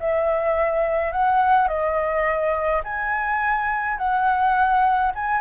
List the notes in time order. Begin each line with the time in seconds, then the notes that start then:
0.00 E5
1.13 F#5
1.68 D#5
2.84 G#5
3.98 F#5
5.15 G#5